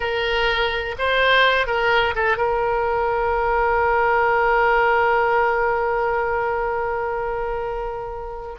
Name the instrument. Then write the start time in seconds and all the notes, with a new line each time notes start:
oboe
0.00 A#4
0.98 C5
1.67 A#4
2.15 A4
2.37 A#4